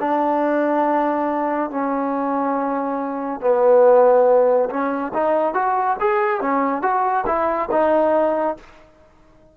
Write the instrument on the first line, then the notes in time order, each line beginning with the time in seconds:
trombone
0.00 D4
1.71 C#4
3.41 B3
4.70 C#4
5.14 D#4
5.54 F#4
6.00 G#4
6.41 C#4
6.82 F#4
7.27 E4
7.71 D#4